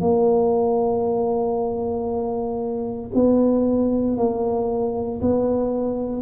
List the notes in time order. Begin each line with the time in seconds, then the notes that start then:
0.00 A#3
3.14 B3
4.17 A#3
5.21 B3